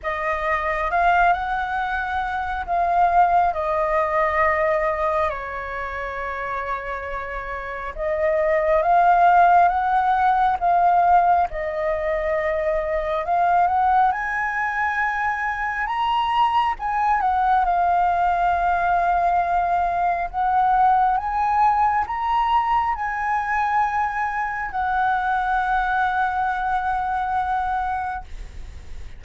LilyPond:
\new Staff \with { instrumentName = "flute" } { \time 4/4 \tempo 4 = 68 dis''4 f''8 fis''4. f''4 | dis''2 cis''2~ | cis''4 dis''4 f''4 fis''4 | f''4 dis''2 f''8 fis''8 |
gis''2 ais''4 gis''8 fis''8 | f''2. fis''4 | gis''4 ais''4 gis''2 | fis''1 | }